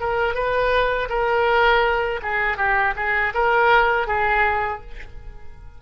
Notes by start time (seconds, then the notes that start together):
0.00 A#4
0.34 B4
1.09 A#4
2.23 G#4
2.57 G4
2.96 G#4
3.34 A#4
4.07 G#4